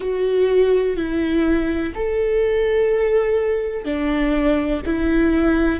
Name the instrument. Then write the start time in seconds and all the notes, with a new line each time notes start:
viola
0.00 F#4
0.96 E4
1.94 A4
3.84 D4
4.85 E4